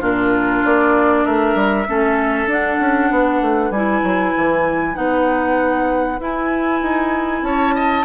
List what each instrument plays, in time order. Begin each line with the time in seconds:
0.00 bassoon A#2, clarinet D4, oboe F4, flute A#4
0.64 bassoon A#3, flute D5
1.25 bassoon A3, oboe A#4, flute E5
1.54 bassoon G3
1.86 bassoon A3, clarinet C#4, oboe A4
2.46 bassoon D4, clarinet D4, flute F#5
2.79 bassoon C#4
3.10 bassoon B3, oboe B4
3.41 bassoon A3
3.70 bassoon G3, clarinet E4, flute G#5
4.03 bassoon F#3
4.37 bassoon E3
4.94 bassoon B3, clarinet D#4, flute F#5
6.19 bassoon E4, clarinet E4, flute G#5
6.81 bassoon D#4
7.42 bassoon C#4, oboe C#5, flute A5
7.74 oboe D#5